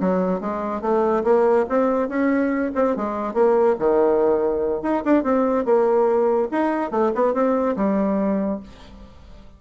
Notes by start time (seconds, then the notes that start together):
0.00 F#3
0.40 G#3
0.81 A3
1.24 A#3
1.69 C4
2.08 C#4
2.75 C4
2.96 G#3
3.34 A#3
3.79 D#3
4.82 D#4
5.05 D4
5.23 C4
5.65 A#3
6.51 D#4
6.91 A3
7.15 B3
7.34 C4
7.76 G3